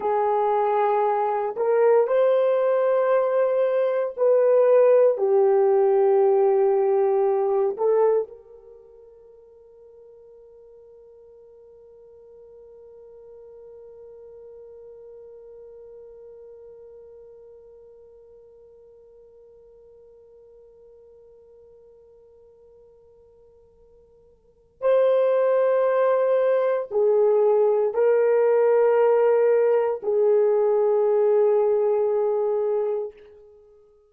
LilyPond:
\new Staff \with { instrumentName = "horn" } { \time 4/4 \tempo 4 = 58 gis'4. ais'8 c''2 | b'4 g'2~ g'8 a'8 | ais'1~ | ais'1~ |
ais'1~ | ais'1 | c''2 gis'4 ais'4~ | ais'4 gis'2. | }